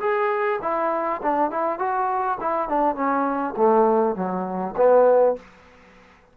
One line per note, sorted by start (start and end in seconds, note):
0.00 0.59 G#4
0.62 1.21 E4
1.22 1.50 D4
1.50 1.78 E4
1.78 2.38 F#4
2.40 2.68 E4
2.68 2.95 D4
2.95 3.54 C#4
3.57 4.15 A3
4.15 4.75 F#3
4.76 5.36 B3